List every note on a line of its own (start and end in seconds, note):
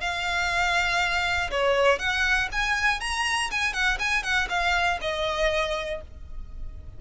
0.00 1.50 F5
1.50 1.98 C#5
1.98 2.48 F#5
2.52 3.00 G#5
3.00 3.50 A#5
3.50 3.72 G#5
3.72 3.97 F#5
3.99 4.23 G#5
4.23 4.48 F#5
4.49 4.99 F5
5.01 6.01 D#5